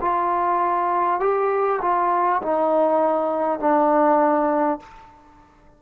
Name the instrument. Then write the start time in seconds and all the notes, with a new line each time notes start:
trombone
0.00 F4
1.20 G4
1.81 F4
2.42 D#4
3.59 D4